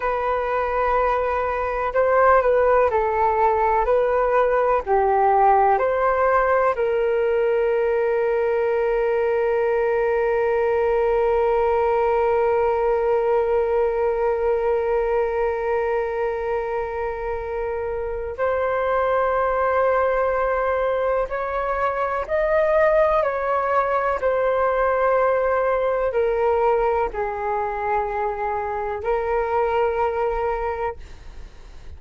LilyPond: \new Staff \with { instrumentName = "flute" } { \time 4/4 \tempo 4 = 62 b'2 c''8 b'8 a'4 | b'4 g'4 c''4 ais'4~ | ais'1~ | ais'1~ |
ais'2. c''4~ | c''2 cis''4 dis''4 | cis''4 c''2 ais'4 | gis'2 ais'2 | }